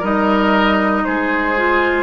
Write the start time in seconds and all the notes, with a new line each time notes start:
0.00 G3 D#4 A#4 D#5
1.04 G#3 G#4 C5
1.57 F4